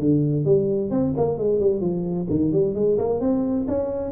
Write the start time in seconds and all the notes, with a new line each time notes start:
0.00 D3
0.46 G3
0.91 C4
1.17 A#3
1.38 G#3
1.60 G3
1.81 F3
2.31 D#3
2.53 G3
2.75 G#3
2.99 A#3
3.21 C4
3.68 C#4